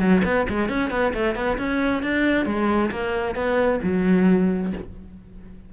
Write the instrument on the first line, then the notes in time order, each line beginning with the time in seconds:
cello
0.00 F#3
0.25 B3
0.49 G#3
0.69 C#4
0.91 B3
1.14 A3
1.36 B3
1.58 C#4
2.03 D4
2.46 G#3
2.91 A#3
3.36 B3
3.83 F#3